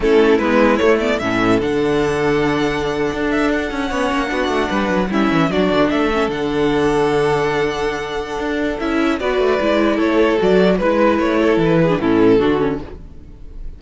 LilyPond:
<<
  \new Staff \with { instrumentName = "violin" } { \time 4/4 \tempo 4 = 150 a'4 b'4 cis''8 d''8 e''4 | fis''1~ | fis''16 e''8 fis''2.~ fis''16~ | fis''8. e''4 d''4 e''4 fis''16~ |
fis''1~ | fis''2 e''4 d''4~ | d''4 cis''4 d''4 b'4 | cis''4 b'4 a'2 | }
  \new Staff \with { instrumentName = "violin" } { \time 4/4 e'2. a'4~ | a'1~ | a'4.~ a'16 cis''4 fis'4 b'16~ | b'8. e'4 fis'4 a'4~ a'16~ |
a'1~ | a'2. b'4~ | b'4 a'2 b'4~ | b'8 a'4 gis'8 e'4 fis'4 | }
  \new Staff \with { instrumentName = "viola" } { \time 4/4 cis'4 b4 a8 b8 cis'4 | d'1~ | d'4.~ d'16 cis'4 d'4~ d'16~ | d'8. cis'4 d'4. cis'8 d'16~ |
d'1~ | d'2 e'4 fis'4 | e'2 fis'4 e'4~ | e'4.~ e'16 d'16 cis'4 d'8 cis'8 | }
  \new Staff \with { instrumentName = "cello" } { \time 4/4 a4 gis4 a4 a,4 | d2.~ d8. d'16~ | d'4~ d'16 cis'8 b8 ais8 b8 a8 g16~ | g16 fis8 g8 e8 fis8 d8 a4 d16~ |
d1~ | d4 d'4 cis'4 b8 a8 | gis4 a4 fis4 gis4 | a4 e4 a,4 d4 | }
>>